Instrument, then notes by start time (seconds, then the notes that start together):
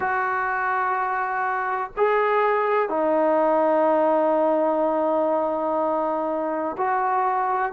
trombone
0.00 F#4
1.96 G#4
2.89 D#4
6.77 F#4